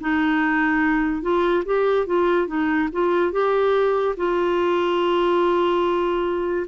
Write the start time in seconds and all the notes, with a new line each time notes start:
0.00 D#4
1.22 F4
1.65 G4
2.06 F4
2.47 D#4
2.92 F4
3.31 G4
4.17 F4